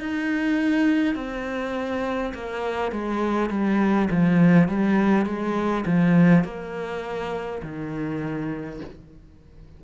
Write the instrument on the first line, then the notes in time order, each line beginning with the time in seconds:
cello
0.00 D#4
1.16 C4
2.34 A#3
2.92 G#3
3.50 G3
4.11 F3
4.68 G3
5.26 G#3
5.86 F3
6.44 A#3
7.63 D#3